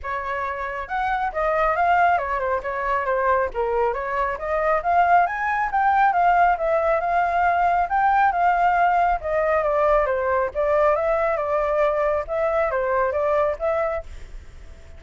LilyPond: \new Staff \with { instrumentName = "flute" } { \time 4/4 \tempo 4 = 137 cis''2 fis''4 dis''4 | f''4 cis''8 c''8 cis''4 c''4 | ais'4 cis''4 dis''4 f''4 | gis''4 g''4 f''4 e''4 |
f''2 g''4 f''4~ | f''4 dis''4 d''4 c''4 | d''4 e''4 d''2 | e''4 c''4 d''4 e''4 | }